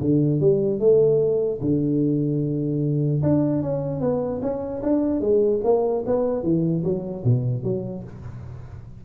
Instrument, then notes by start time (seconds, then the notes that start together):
tuba
0.00 D3
0.40 G3
0.79 A3
1.61 D3
3.22 D4
3.62 C#4
4.00 B3
4.41 C#4
4.82 D4
5.20 G#3
5.64 A#3
6.06 B3
6.43 E3
6.83 F#3
7.24 B2
7.63 F#3